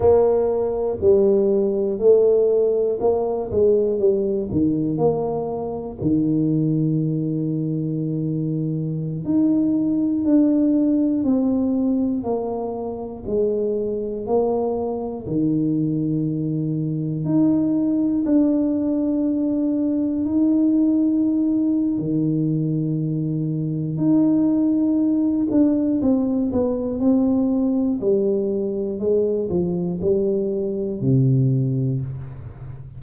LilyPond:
\new Staff \with { instrumentName = "tuba" } { \time 4/4 \tempo 4 = 60 ais4 g4 a4 ais8 gis8 | g8 dis8 ais4 dis2~ | dis4~ dis16 dis'4 d'4 c'8.~ | c'16 ais4 gis4 ais4 dis8.~ |
dis4~ dis16 dis'4 d'4.~ d'16~ | d'16 dis'4.~ dis'16 dis2 | dis'4. d'8 c'8 b8 c'4 | g4 gis8 f8 g4 c4 | }